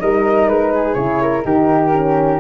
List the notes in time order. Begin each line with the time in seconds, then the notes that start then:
0.00 G3 D#4 A#4 D#5
0.48 G#3 B4
0.74 G#4
0.94 C#3 E4 C#5
1.22 A#4
1.44 D#3 D#4 G4 A#4
1.93 C#4